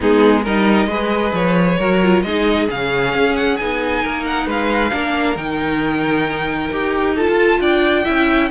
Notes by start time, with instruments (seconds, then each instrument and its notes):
0.00 cello G#3, viola B3, violin D#4 G#4
0.42 cello G3, viola D#4, violin A#4 D#5
0.87 cello G#3, viola G#4, violin B4
1.33 cello F3, violin C#5
1.78 cello F#3, viola F#4, violin A#4
2.02 viola F4
2.22 cello G#3, viola D#4, violin G#4 D#5
2.68 cello C#3, viola C#4, violin F5
3.14 cello C#4
3.36 violin F#5
3.56 cello B3, viola D#4, violin G#5
4.03 cello A#3, violin A#4
4.25 violin F#5
4.46 cello G#3, violin B4 F5
4.91 cello A#3, viola D4, violin A#4
5.35 cello D#3, viola D#4, violin G5
6.71 cello D#4, viola G4
7.14 viola F4, violin A4 A5
7.28 cello F4
7.59 cello D4, violin D5 G5
8.04 cello C#4, viola E4, violin E5